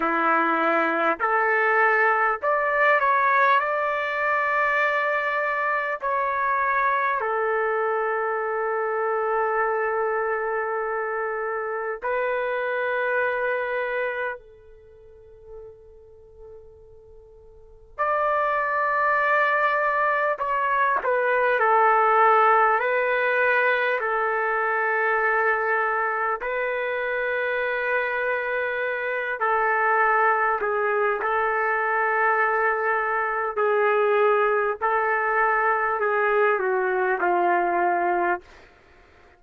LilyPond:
\new Staff \with { instrumentName = "trumpet" } { \time 4/4 \tempo 4 = 50 e'4 a'4 d''8 cis''8 d''4~ | d''4 cis''4 a'2~ | a'2 b'2 | a'2. d''4~ |
d''4 cis''8 b'8 a'4 b'4 | a'2 b'2~ | b'8 a'4 gis'8 a'2 | gis'4 a'4 gis'8 fis'8 f'4 | }